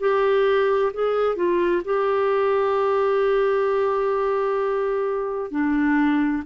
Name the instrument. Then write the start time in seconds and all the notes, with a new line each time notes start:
clarinet
0.00 G4
0.94 G#4
1.36 F4
1.85 G4
5.51 D4